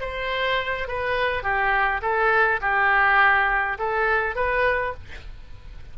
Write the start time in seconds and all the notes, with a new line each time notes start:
0.00 C5
0.87 B4
1.43 G4
2.02 A4
2.61 G4
3.78 A4
4.35 B4